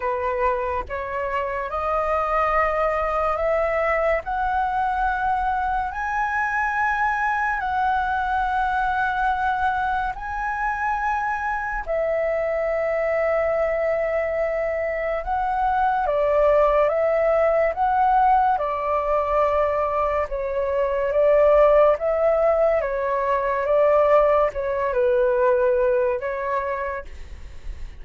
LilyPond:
\new Staff \with { instrumentName = "flute" } { \time 4/4 \tempo 4 = 71 b'4 cis''4 dis''2 | e''4 fis''2 gis''4~ | gis''4 fis''2. | gis''2 e''2~ |
e''2 fis''4 d''4 | e''4 fis''4 d''2 | cis''4 d''4 e''4 cis''4 | d''4 cis''8 b'4. cis''4 | }